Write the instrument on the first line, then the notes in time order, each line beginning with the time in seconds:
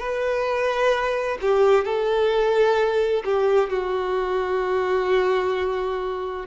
violin
0.00 B4
1.42 G4
1.85 A4
3.25 G4
3.70 F#4